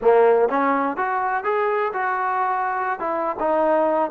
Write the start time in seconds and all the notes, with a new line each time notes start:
0.01 A#3
0.49 C#4
0.96 F#4
1.44 G#4
1.93 F#4
2.99 E4
3.39 D#4